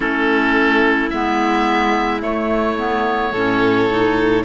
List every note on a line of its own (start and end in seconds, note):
0.00 1.10 A3
0.00 1.11 C#4
0.00 3.32 E4
0.00 1.09 A4
1.09 2.22 G#3
1.09 2.20 B3
1.09 2.21 E5
2.20 2.75 A3
2.20 3.32 A3
2.20 4.44 C#5
2.77 3.33 B3
3.32 4.44 A2
3.32 3.89 C#4
3.32 4.43 A4
3.89 4.44 D#4